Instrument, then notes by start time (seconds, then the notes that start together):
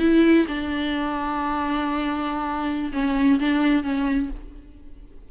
viola
0.00 E4
0.48 D4
2.93 C#4
3.40 D4
3.84 C#4